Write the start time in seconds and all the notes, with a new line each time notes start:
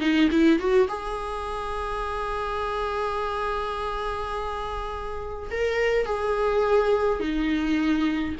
0.00 D#4
0.31 E4
0.60 F#4
0.89 G#4
5.51 A#4
6.06 G#4
7.20 D#4